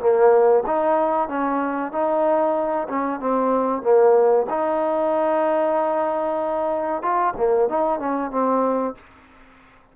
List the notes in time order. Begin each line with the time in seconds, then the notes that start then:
0.00 A#3
0.67 D#4
1.29 C#4
1.92 D#4
2.89 C#4
3.21 C4
3.83 A#3
4.50 D#4
7.03 F4
7.37 A#3
7.69 D#4
8.00 C#4
8.31 C4